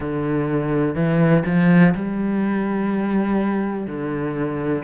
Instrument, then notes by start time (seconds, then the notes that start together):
cello
0.00 D3
0.95 E3
1.45 F3
1.94 G3
3.86 D3